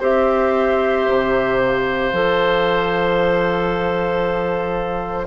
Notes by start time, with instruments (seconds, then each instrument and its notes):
0.00 bassoon C4, clarinet G4, oboe C5, flute E5
1.08 bassoon C3
1.59 flute F5
2.13 bassoon F3, clarinet A4